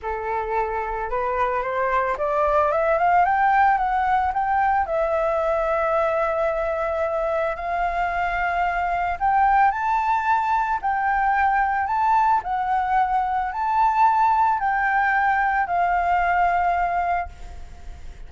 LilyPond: \new Staff \with { instrumentName = "flute" } { \time 4/4 \tempo 4 = 111 a'2 b'4 c''4 | d''4 e''8 f''8 g''4 fis''4 | g''4 e''2.~ | e''2 f''2~ |
f''4 g''4 a''2 | g''2 a''4 fis''4~ | fis''4 a''2 g''4~ | g''4 f''2. | }